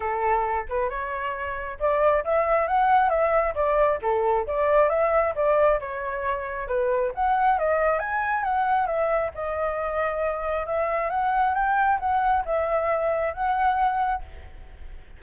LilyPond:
\new Staff \with { instrumentName = "flute" } { \time 4/4 \tempo 4 = 135 a'4. b'8 cis''2 | d''4 e''4 fis''4 e''4 | d''4 a'4 d''4 e''4 | d''4 cis''2 b'4 |
fis''4 dis''4 gis''4 fis''4 | e''4 dis''2. | e''4 fis''4 g''4 fis''4 | e''2 fis''2 | }